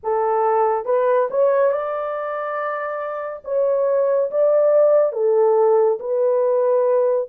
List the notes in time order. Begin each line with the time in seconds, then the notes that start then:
0.03 A4
0.85 B4
1.30 C#5
1.71 D5
3.44 C#5
4.31 D5
5.12 A4
5.99 B4